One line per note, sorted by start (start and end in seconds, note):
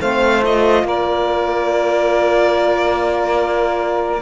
0.00 0.83 A3
0.00 0.41 C4
0.00 0.85 C5
0.00 0.43 F5
0.41 4.22 F4
0.41 0.87 D#5
0.83 4.21 A#3
0.83 4.22 A#4
0.83 4.22 D5